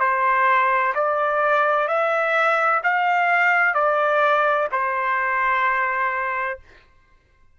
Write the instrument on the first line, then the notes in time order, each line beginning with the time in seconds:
trumpet
0.00 C5
0.95 D5
1.88 E5
2.83 F5
3.74 D5
4.72 C5